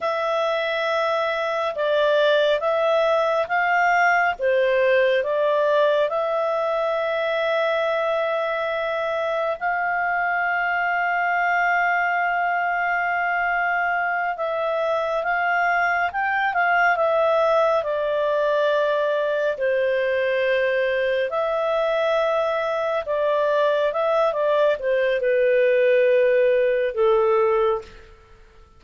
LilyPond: \new Staff \with { instrumentName = "clarinet" } { \time 4/4 \tempo 4 = 69 e''2 d''4 e''4 | f''4 c''4 d''4 e''4~ | e''2. f''4~ | f''1~ |
f''8 e''4 f''4 g''8 f''8 e''8~ | e''8 d''2 c''4.~ | c''8 e''2 d''4 e''8 | d''8 c''8 b'2 a'4 | }